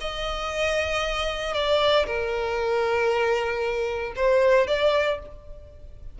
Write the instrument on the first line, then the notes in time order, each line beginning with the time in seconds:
violin
0.00 D#5
1.54 D5
2.06 A#4
4.15 C5
4.67 D5